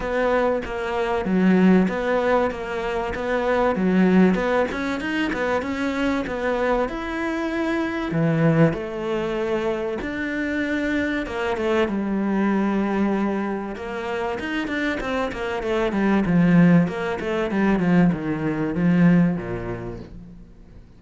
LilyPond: \new Staff \with { instrumentName = "cello" } { \time 4/4 \tempo 4 = 96 b4 ais4 fis4 b4 | ais4 b4 fis4 b8 cis'8 | dis'8 b8 cis'4 b4 e'4~ | e'4 e4 a2 |
d'2 ais8 a8 g4~ | g2 ais4 dis'8 d'8 | c'8 ais8 a8 g8 f4 ais8 a8 | g8 f8 dis4 f4 ais,4 | }